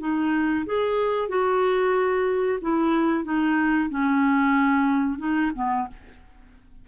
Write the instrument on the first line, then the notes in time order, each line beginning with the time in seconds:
clarinet
0.00 D#4
0.66 G#4
1.29 F#4
2.61 E4
3.24 D#4
3.90 C#4
5.19 D#4
5.55 B3